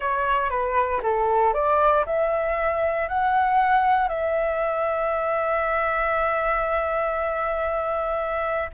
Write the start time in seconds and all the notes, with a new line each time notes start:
0.00 C#5
0.49 B4
1.02 A4
1.53 D5
2.06 E5
3.08 F#5
4.08 E5